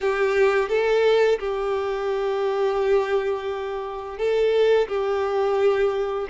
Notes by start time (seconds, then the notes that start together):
0.00 G4
0.68 A4
1.39 G4
4.18 A4
4.88 G4